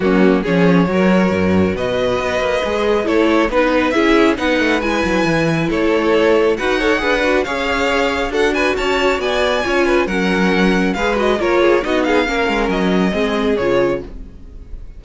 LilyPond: <<
  \new Staff \with { instrumentName = "violin" } { \time 4/4 \tempo 4 = 137 fis'4 cis''2. | dis''2. cis''4 | b'4 e''4 fis''4 gis''4~ | gis''4 cis''2 fis''4~ |
fis''4 f''2 fis''8 gis''8 | a''4 gis''2 fis''4~ | fis''4 f''8 dis''8 cis''4 dis''8 f''8~ | f''4 dis''2 cis''4 | }
  \new Staff \with { instrumentName = "violin" } { \time 4/4 cis'4 gis'4 ais'2 | b'2. a'4 | b'4 gis'4 b'2~ | b'4 a'2 b'8 cis''8 |
b'4 cis''2 a'8 b'8 | cis''4 d''4 cis''8 b'8 ais'4~ | ais'4 b'4 ais'8 gis'8 fis'8 gis'8 | ais'2 gis'2 | }
  \new Staff \with { instrumentName = "viola" } { \time 4/4 ais4 cis'4 fis'2~ | fis'2 gis'4 e'4 | dis'4 e'4 dis'4 e'4~ | e'2. fis'8 a'8 |
gis'8 fis'8 gis'2 fis'4~ | fis'2 f'4 cis'4~ | cis'4 gis'8 fis'8 f'4 dis'4 | cis'2 c'4 f'4 | }
  \new Staff \with { instrumentName = "cello" } { \time 4/4 fis4 f4 fis4 fis,4 | b,4 b8 ais8 gis4 a4 | b4 cis'4 b8 a8 gis8 fis8 | e4 a2 dis'4 |
d'4 cis'2 d'4 | cis'4 b4 cis'4 fis4~ | fis4 gis4 ais4 b4 | ais8 gis8 fis4 gis4 cis4 | }
>>